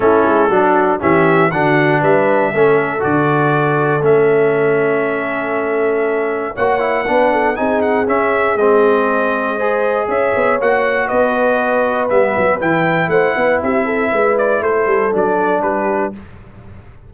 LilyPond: <<
  \new Staff \with { instrumentName = "trumpet" } { \time 4/4 \tempo 4 = 119 a'2 e''4 fis''4 | e''2 d''2 | e''1~ | e''4 fis''2 gis''8 fis''8 |
e''4 dis''2. | e''4 fis''4 dis''2 | e''4 g''4 fis''4 e''4~ | e''8 d''8 c''4 d''4 b'4 | }
  \new Staff \with { instrumentName = "horn" } { \time 4/4 e'4 fis'4 g'4 fis'4 | b'4 a'2.~ | a'1~ | a'4 cis''4 b'8 a'8 gis'4~ |
gis'2. c''4 | cis''2 b'2~ | b'2 c''8 b'8 g'8 a'8 | b'4 a'2 g'4 | }
  \new Staff \with { instrumentName = "trombone" } { \time 4/4 cis'4 d'4 cis'4 d'4~ | d'4 cis'4 fis'2 | cis'1~ | cis'4 fis'8 e'8 d'4 dis'4 |
cis'4 c'2 gis'4~ | gis'4 fis'2. | b4 e'2.~ | e'2 d'2 | }
  \new Staff \with { instrumentName = "tuba" } { \time 4/4 a8 gis8 fis4 e4 d4 | g4 a4 d2 | a1~ | a4 ais4 b4 c'4 |
cis'4 gis2. | cis'8 b8 ais4 b2 | g8 fis8 e4 a8 b8 c'4 | gis4 a8 g8 fis4 g4 | }
>>